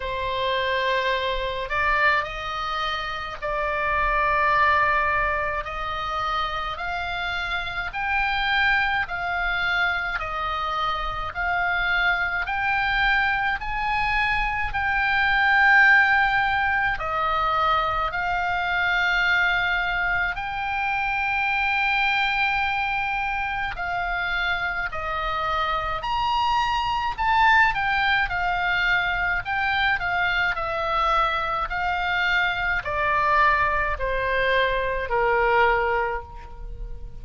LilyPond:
\new Staff \with { instrumentName = "oboe" } { \time 4/4 \tempo 4 = 53 c''4. d''8 dis''4 d''4~ | d''4 dis''4 f''4 g''4 | f''4 dis''4 f''4 g''4 | gis''4 g''2 dis''4 |
f''2 g''2~ | g''4 f''4 dis''4 ais''4 | a''8 g''8 f''4 g''8 f''8 e''4 | f''4 d''4 c''4 ais'4 | }